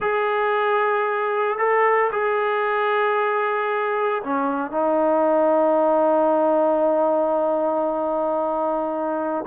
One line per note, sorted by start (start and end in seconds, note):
0.00 1.58 G#4
1.58 2.11 A4
2.11 4.22 G#4
4.23 4.71 C#4
4.71 9.45 D#4